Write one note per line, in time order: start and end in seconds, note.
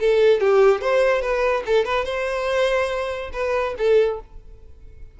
0.00 0.40 A4
0.40 0.81 G4
0.81 1.21 C5
1.21 1.63 B4
1.66 1.85 A4
1.85 2.05 B4
2.05 3.31 C5
3.33 3.75 B4
3.78 4.20 A4